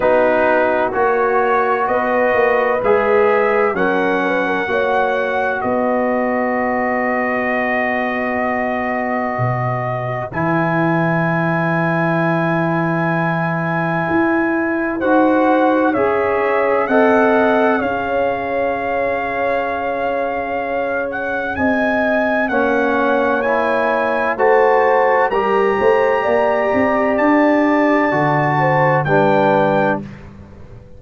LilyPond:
<<
  \new Staff \with { instrumentName = "trumpet" } { \time 4/4 \tempo 4 = 64 b'4 cis''4 dis''4 e''4 | fis''2 dis''2~ | dis''2. gis''4~ | gis''1 |
fis''4 e''4 fis''4 f''4~ | f''2~ f''8 fis''8 gis''4 | fis''4 gis''4 a''4 ais''4~ | ais''4 a''2 g''4 | }
  \new Staff \with { instrumentName = "horn" } { \time 4/4 fis'2 b'2 | ais'8 b'16 ais'16 cis''4 b'2~ | b'1~ | b'1 |
c''4 cis''4 dis''4 cis''4~ | cis''2. dis''4 | cis''2 c''4 ais'8 c''8 | d''2~ d''8 c''8 b'4 | }
  \new Staff \with { instrumentName = "trombone" } { \time 4/4 dis'4 fis'2 gis'4 | cis'4 fis'2.~ | fis'2. e'4~ | e'1 |
fis'4 gis'4 a'4 gis'4~ | gis'1 | cis'4 e'4 fis'4 g'4~ | g'2 fis'4 d'4 | }
  \new Staff \with { instrumentName = "tuba" } { \time 4/4 b4 ais4 b8 ais8 gis4 | fis4 ais4 b2~ | b2 b,4 e4~ | e2. e'4 |
dis'4 cis'4 c'4 cis'4~ | cis'2. c'4 | ais2 a4 g8 a8 | ais8 c'8 d'4 d4 g4 | }
>>